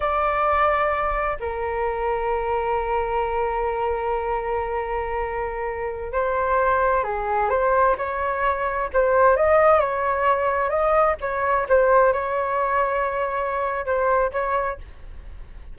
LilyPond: \new Staff \with { instrumentName = "flute" } { \time 4/4 \tempo 4 = 130 d''2. ais'4~ | ais'1~ | ais'1~ | ais'4~ ais'16 c''2 gis'8.~ |
gis'16 c''4 cis''2 c''8.~ | c''16 dis''4 cis''2 dis''8.~ | dis''16 cis''4 c''4 cis''4.~ cis''16~ | cis''2 c''4 cis''4 | }